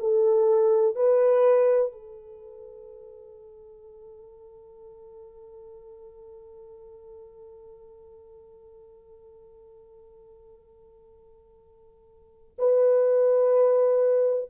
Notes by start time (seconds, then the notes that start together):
0.00 A4
0.96 B4
1.92 A4
12.59 B4